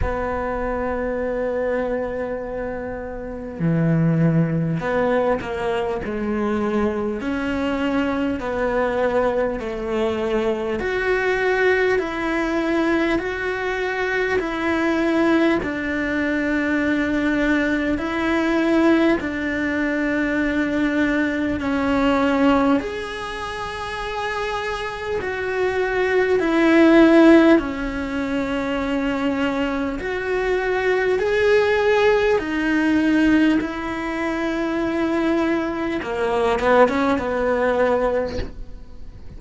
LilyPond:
\new Staff \with { instrumentName = "cello" } { \time 4/4 \tempo 4 = 50 b2. e4 | b8 ais8 gis4 cis'4 b4 | a4 fis'4 e'4 fis'4 | e'4 d'2 e'4 |
d'2 cis'4 gis'4~ | gis'4 fis'4 e'4 cis'4~ | cis'4 fis'4 gis'4 dis'4 | e'2 ais8 b16 cis'16 b4 | }